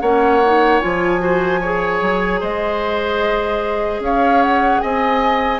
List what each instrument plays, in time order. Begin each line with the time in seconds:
0.00 bassoon A#3, clarinet C#4, oboe C#5, flute F#5
0.45 clarinet D#4
0.80 bassoon F3, clarinet F4, flute G#5
1.19 clarinet F#4, oboe C5
1.60 clarinet G#4, oboe C#5
2.01 bassoon F#3
2.40 bassoon G#3, oboe C5, flute D#5
3.99 bassoon C#4, oboe C#5, flute F5
4.42 flute F#5
4.80 bassoon C4, oboe D#5, flute G#5